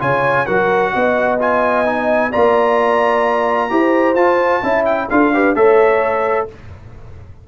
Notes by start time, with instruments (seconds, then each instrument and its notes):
0.00 tuba C#3, trombone F4, horn C#5, trumpet G#5
0.46 tuba F#3, trombone F#4, horn A#4, trumpet F#5
0.93 tuba B3, horn D#5
1.39 trombone F4, trumpet G#5
1.86 trombone D#4
2.32 tuba A#3, trombone F4, horn D5, trumpet A#5
3.70 tuba E4, trombone G4, horn C5
4.15 tuba F4, trombone F4, trumpet A5
4.63 tuba C#4, trombone E4, horn E5
4.85 trumpet G5
5.10 tuba D4, trombone F4, horn A4, trumpet F5
5.34 trombone G4, horn B4
5.55 tuba A3, trombone A4, horn C#5, trumpet E5